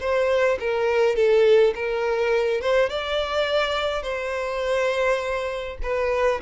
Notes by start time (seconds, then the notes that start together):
0.00 C5
0.60 A#4
1.16 A4
1.75 A#4
2.61 C5
2.89 D5
4.03 C5
5.83 B4